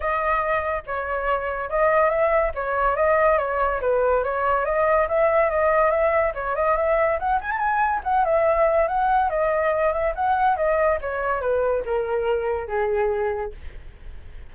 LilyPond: \new Staff \with { instrumentName = "flute" } { \time 4/4 \tempo 4 = 142 dis''2 cis''2 | dis''4 e''4 cis''4 dis''4 | cis''4 b'4 cis''4 dis''4 | e''4 dis''4 e''4 cis''8 dis''8 |
e''4 fis''8 gis''16 a''16 gis''4 fis''8 e''8~ | e''4 fis''4 dis''4. e''8 | fis''4 dis''4 cis''4 b'4 | ais'2 gis'2 | }